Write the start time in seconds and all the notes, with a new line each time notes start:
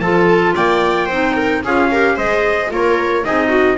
0.00 F3 F4 A4 A5
0.55 A#3 D5 G5
1.06 C4 D#4 C5
1.36 A#4
1.64 C#4 F4 G#4 F5
1.91 G4 A#4
2.16 G#3 G#4 C5 D#5
2.71 A#3 F4 A#4 C#5
3.24 C4 D#4 G#4 D#5
3.49 F#4